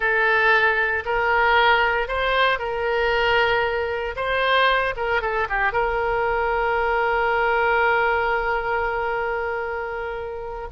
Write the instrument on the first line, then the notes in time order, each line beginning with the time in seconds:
oboe
0.00 A4
1.05 A#4
2.08 C5
2.58 A#4
4.16 C5
4.96 A#4
5.21 A4
5.49 G4
5.72 A#4